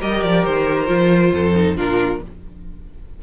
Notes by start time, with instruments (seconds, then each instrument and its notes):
0.00 cello G3, viola G4, violin A#4 D#5
0.23 cello F3, violin D5
0.44 cello D#3, violin C5
0.86 cello F3, viola F4
1.32 cello F2, violin A4
1.55 viola D#4
1.77 cello A#2, viola D4, violin F4 A#4